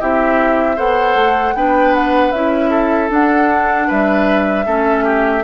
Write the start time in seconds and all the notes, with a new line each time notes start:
0.00 C4 E4 G4 E5
0.76 B3 A4 C5 F#5
1.15 A3
1.54 B3 D4 B4 G5
1.94 F#5
2.31 C#4 E4 E5
2.70 A4
3.09 D4 F#5
3.87 G3 B4 E5
4.65 A3 C#4 A4
5.04 G4